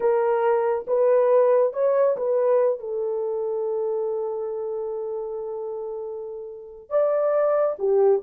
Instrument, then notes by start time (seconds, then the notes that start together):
horn
0.00 A#4
0.87 B4
1.73 C#5
2.16 B4
2.79 A4
6.89 D5
7.79 G4